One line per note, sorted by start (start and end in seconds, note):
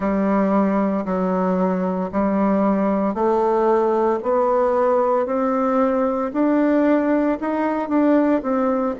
0.00 1.04 G3
1.05 2.10 F#3
2.11 3.14 G3
3.14 4.19 A3
4.22 5.25 B3
5.25 6.31 C4
6.33 7.38 D4
7.40 7.89 D#4
7.89 8.41 D4
8.42 8.95 C4